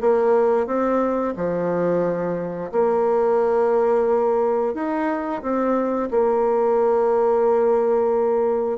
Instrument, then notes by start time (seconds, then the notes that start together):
bassoon
0.00 A#3
0.66 C4
1.36 F3
2.72 A#3
4.74 D#4
5.42 C4
6.10 A#3